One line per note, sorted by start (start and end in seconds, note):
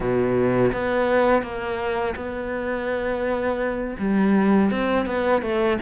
0.00 0.72 B2
0.72 1.42 B3
1.42 2.14 A#3
2.16 3.96 B3
3.99 4.71 G3
4.71 5.06 C4
5.06 5.42 B3
5.42 5.78 A3